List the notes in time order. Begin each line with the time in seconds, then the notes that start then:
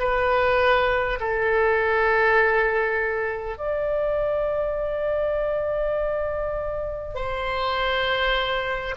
0.00 B4
1.21 A4
3.58 D5
7.15 C5